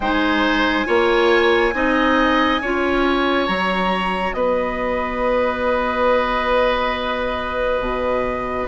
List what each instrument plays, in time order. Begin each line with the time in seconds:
0.00 bassoon G#3, clarinet D#4, oboe C5, flute G#5
0.85 bassoon A#3, clarinet F4, oboe C#5
1.73 bassoon C4, clarinet D#4, oboe D#5
2.61 bassoon C#4, clarinet F4, oboe C#5
3.47 bassoon F#3, clarinet F#4, flute A#5
4.33 bassoon B3, oboe B4, flute D#5
7.79 bassoon B2